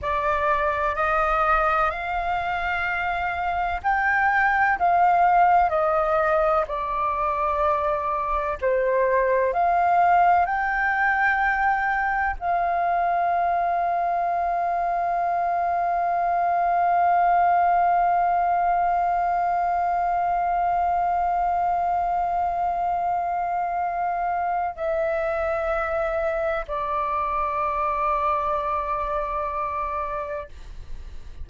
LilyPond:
\new Staff \with { instrumentName = "flute" } { \time 4/4 \tempo 4 = 63 d''4 dis''4 f''2 | g''4 f''4 dis''4 d''4~ | d''4 c''4 f''4 g''4~ | g''4 f''2.~ |
f''1~ | f''1~ | f''2 e''2 | d''1 | }